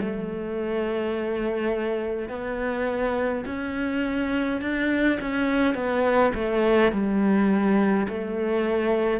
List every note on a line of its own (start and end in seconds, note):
0.00 2.29 A3
2.29 3.44 B3
3.45 4.60 C#4
4.60 5.18 D4
5.20 5.74 C#4
5.74 6.32 B3
6.34 6.91 A3
6.91 8.07 G3
8.08 9.20 A3